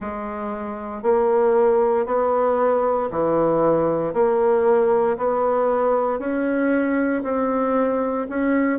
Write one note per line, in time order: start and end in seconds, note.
0.00 1.02 G#3
1.02 2.05 A#3
2.05 3.09 B3
3.10 4.13 E3
4.13 5.17 A#3
5.17 6.19 B3
6.19 7.22 C#4
7.23 8.26 C4
8.29 8.79 C#4